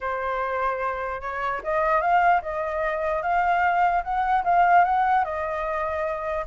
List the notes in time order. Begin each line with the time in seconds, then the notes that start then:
0.01 C5
1.21 C#5
1.63 D#5
2.01 F5
2.41 D#5
3.22 F5
4.03 F#5
4.44 F5
4.84 F#5
5.24 D#5